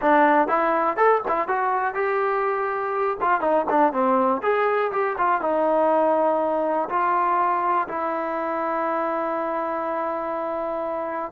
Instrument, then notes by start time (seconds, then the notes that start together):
trombone
0.01 D4
0.48 E4
0.96 A4
1.27 E4
1.48 F#4
1.94 G4
3.20 F4
3.41 D#4
3.69 D4
3.92 C4
4.42 G#4
4.92 G4
5.18 F4
5.41 D#4
6.89 F4
7.88 E4